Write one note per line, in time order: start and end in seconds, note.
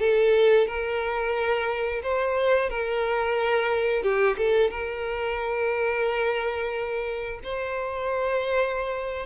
0.00 0.67 A4
0.67 2.02 A#4
2.03 2.70 C5
2.70 4.03 A#4
4.03 4.37 G4
4.38 4.70 A4
4.70 7.40 A#4
7.44 9.26 C5